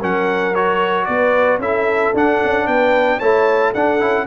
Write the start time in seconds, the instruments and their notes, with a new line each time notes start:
0.00 tuba F#3, trombone C#4, horn A#4, trumpet F#5
0.55 trombone F#4, trumpet C#5
1.05 tuba B3, horn B4, trumpet D5
1.59 tuba C#4, trombone E4, horn A4, trumpet E5
2.14 tuba D4, trombone D4, trumpet F#5
2.44 tuba C#4
2.67 tuba B3, horn B4, trumpet G5
3.19 tuba A3, trombone E4, horn C#5, trumpet A5
3.72 tuba D4, trombone D4, horn A4, trumpet F#5
4.00 tuba C#4, trombone E4